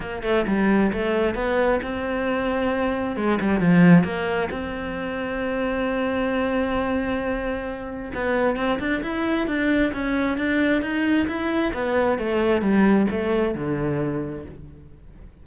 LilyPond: \new Staff \with { instrumentName = "cello" } { \time 4/4 \tempo 4 = 133 ais8 a8 g4 a4 b4 | c'2. gis8 g8 | f4 ais4 c'2~ | c'1~ |
c'2 b4 c'8 d'8 | e'4 d'4 cis'4 d'4 | dis'4 e'4 b4 a4 | g4 a4 d2 | }